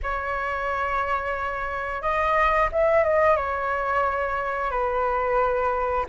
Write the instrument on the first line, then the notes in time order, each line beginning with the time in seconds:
flute
0.02 C#5
2.01 D#5
2.72 E5
3.03 D#5
3.36 C#5
4.70 B4